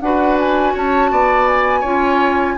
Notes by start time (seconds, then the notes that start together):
0.00 D4 F#4 B4 F#5
0.39 G#5
0.73 C#4 C#5 A5
1.11 B3 D5
1.48 G#5
1.80 C#4 F4 C#5